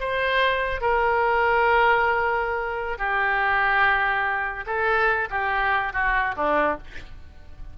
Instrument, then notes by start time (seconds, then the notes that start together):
oboe
0.00 C5
0.81 A#4
2.98 G4
4.66 A4
5.31 G4
5.93 F#4
6.37 D4